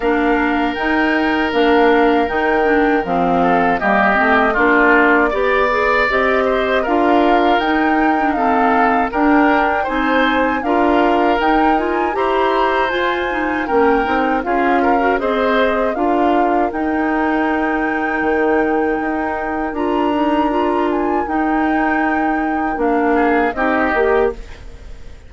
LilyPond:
<<
  \new Staff \with { instrumentName = "flute" } { \time 4/4 \tempo 4 = 79 f''4 g''4 f''4 g''4 | f''4 dis''4 d''2 | dis''4 f''4 g''4 f''4 | g''4 gis''4 f''4 g''8 gis''8 |
ais''4 gis''4 g''4 f''4 | dis''4 f''4 g''2~ | g''2 ais''4. gis''8 | g''2 f''4 dis''4 | }
  \new Staff \with { instrumentName = "oboe" } { \time 4/4 ais'1~ | ais'8 a'8 g'4 f'4 d''4~ | d''8 c''8 ais'2 a'4 | ais'4 c''4 ais'2 |
c''2 ais'4 gis'8 ais'8 | c''4 ais'2.~ | ais'1~ | ais'2~ ais'8 gis'8 g'4 | }
  \new Staff \with { instrumentName = "clarinet" } { \time 4/4 d'4 dis'4 d'4 dis'8 d'8 | c'4 ais8 c'8 d'4 g'8 gis'8 | g'4 f'4 dis'8. d'16 c'4 | d'4 dis'4 f'4 dis'8 f'8 |
g'4 f'8 dis'8 cis'8 dis'8 f'8. fis'16 | gis'4 f'4 dis'2~ | dis'2 f'8 dis'8 f'4 | dis'2 d'4 dis'8 g'8 | }
  \new Staff \with { instrumentName = "bassoon" } { \time 4/4 ais4 dis'4 ais4 dis4 | f4 g8 a8 ais4 b4 | c'4 d'4 dis'2 | d'4 c'4 d'4 dis'4 |
e'4 f'4 ais8 c'8 cis'4 | c'4 d'4 dis'2 | dis4 dis'4 d'2 | dis'2 ais4 c'8 ais8 | }
>>